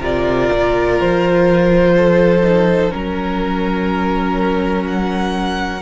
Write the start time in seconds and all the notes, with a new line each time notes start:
0.00 C3 F4 A#4 D5
0.53 A#2
1.00 F3 C5
1.97 A4
2.43 D#4
2.90 F#3 C#4 A#4
4.87 F#5